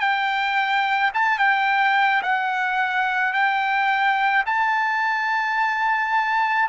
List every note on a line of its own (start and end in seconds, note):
0.00 1.11 G5
1.14 1.38 A5
1.38 2.22 G5
2.22 3.33 F#5
3.33 4.44 G5
4.46 6.68 A5